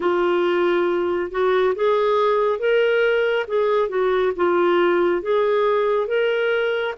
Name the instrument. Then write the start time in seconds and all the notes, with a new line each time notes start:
clarinet
0.00 F4
1.30 F#4
1.75 G#4
2.59 A#4
3.47 G#4
3.89 F#4
4.36 F4
5.22 G#4
6.07 A#4